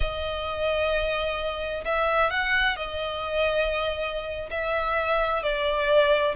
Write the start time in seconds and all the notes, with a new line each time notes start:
0.00 D#5
1.84 E5
2.30 F#5
2.76 D#5
4.50 E5
5.43 D5